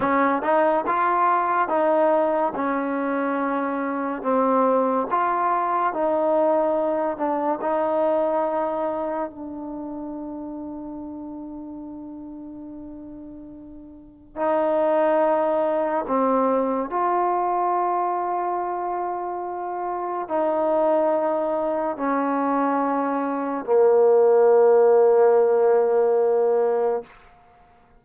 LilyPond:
\new Staff \with { instrumentName = "trombone" } { \time 4/4 \tempo 4 = 71 cis'8 dis'8 f'4 dis'4 cis'4~ | cis'4 c'4 f'4 dis'4~ | dis'8 d'8 dis'2 d'4~ | d'1~ |
d'4 dis'2 c'4 | f'1 | dis'2 cis'2 | ais1 | }